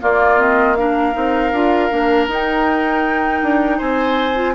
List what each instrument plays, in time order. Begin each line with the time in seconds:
0.00 clarinet A#3, bassoon A#3, oboe F4, flute D5
0.37 clarinet C4, flute D#5
0.75 clarinet D4, oboe A#4, flute F5
1.13 bassoon C4, clarinet D#4
1.52 bassoon D4, clarinet F4
1.90 bassoon A#3, clarinet D4
2.27 bassoon D#4, clarinet D#4, flute G5
3.42 bassoon D4
3.78 bassoon C4, oboe C5, flute G#5
4.35 clarinet F4